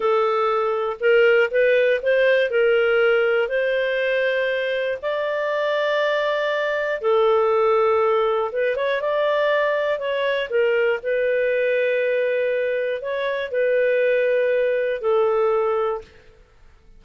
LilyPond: \new Staff \with { instrumentName = "clarinet" } { \time 4/4 \tempo 4 = 120 a'2 ais'4 b'4 | c''4 ais'2 c''4~ | c''2 d''2~ | d''2 a'2~ |
a'4 b'8 cis''8 d''2 | cis''4 ais'4 b'2~ | b'2 cis''4 b'4~ | b'2 a'2 | }